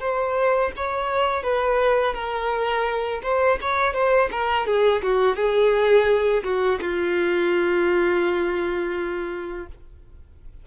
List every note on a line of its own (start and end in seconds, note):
0.00 0.71 C5
0.76 1.43 C#5
1.43 2.14 B4
2.14 3.21 A#4
3.23 3.58 C5
3.61 3.93 C#5
3.93 4.29 C5
4.31 4.66 A#4
4.66 5.02 G#4
5.03 5.36 F#4
5.36 6.43 G#4
6.44 6.79 F#4
6.81 9.67 F4